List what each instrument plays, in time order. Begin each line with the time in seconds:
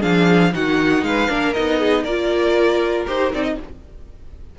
0.00 cello F3, viola D4, violin G#4 F5
0.53 cello D#3, viola D#4, violin F#4 F#5
1.03 cello G#3, violin B4 F5
1.28 cello A#3, viola D4, violin A#4
1.53 cello B3, viola D#4, violin D#5
1.79 violin G#4
2.04 cello A#3, viola F4, violin A#4 D5
3.07 cello D#4, viola G4, violin C5
3.32 cello C4, viola D#4, violin D5
3.43 violin D#5